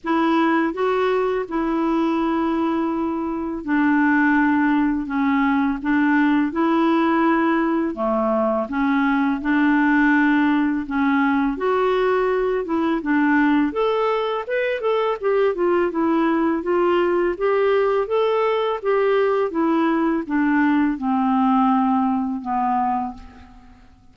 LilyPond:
\new Staff \with { instrumentName = "clarinet" } { \time 4/4 \tempo 4 = 83 e'4 fis'4 e'2~ | e'4 d'2 cis'4 | d'4 e'2 a4 | cis'4 d'2 cis'4 |
fis'4. e'8 d'4 a'4 | b'8 a'8 g'8 f'8 e'4 f'4 | g'4 a'4 g'4 e'4 | d'4 c'2 b4 | }